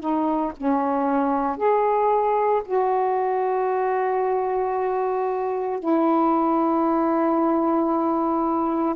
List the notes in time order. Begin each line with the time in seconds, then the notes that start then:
0.00 D#4
0.57 C#4
1.57 G#4
2.65 F#4
5.79 E4